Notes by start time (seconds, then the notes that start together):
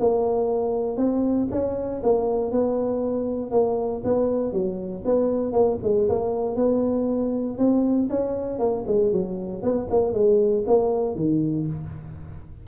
0.00 A#3
0.97 C4
1.51 C#4
2.03 A#3
2.51 B3
3.51 A#3
4.04 B3
4.53 F#3
5.05 B3
5.53 A#3
5.83 G#3
6.09 A#3
6.56 B3
7.58 C4
8.10 C#4
8.59 A#3
8.87 G#3
9.12 F#3
9.63 B3
9.90 A#3
10.13 G#3
10.67 A#3
11.16 D#3